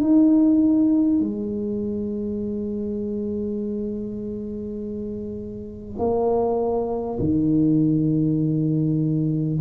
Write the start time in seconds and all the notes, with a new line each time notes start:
0.00 D#4
1.19 G#3
5.98 A#3
7.19 D#3